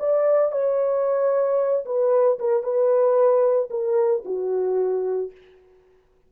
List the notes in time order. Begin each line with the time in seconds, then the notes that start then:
0.00 D5
0.52 C#5
1.86 B4
2.40 A#4
2.64 B4
3.71 A#4
4.26 F#4